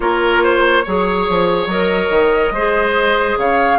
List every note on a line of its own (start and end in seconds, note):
0.00 0.85 A#3
0.00 0.83 F4
0.00 0.43 A#4
0.00 1.69 C#5
0.43 0.83 C5
0.83 1.29 F#3
0.83 1.70 G#4
0.83 2.52 C#5
1.29 1.66 F3
1.66 2.08 F#3
1.66 2.54 A#4
1.66 3.38 D#5
2.09 2.51 D#3
2.51 3.35 G#3
2.51 3.78 G#4
2.51 3.38 C5
3.37 3.78 C#3
3.37 3.78 C#5
3.37 3.78 F5